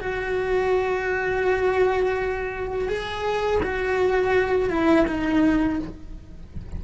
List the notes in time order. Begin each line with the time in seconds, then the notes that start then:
0.00 F#4
2.88 G#4
3.62 F#4
4.70 E4
5.07 D#4